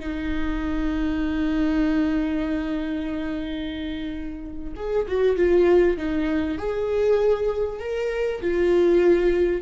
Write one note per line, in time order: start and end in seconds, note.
0.00 4.74 D#4
4.76 5.07 G#4
5.08 5.37 F#4
5.37 5.97 F4
5.97 6.58 D#4
6.58 7.80 G#4
7.80 8.41 A#4
8.42 9.62 F4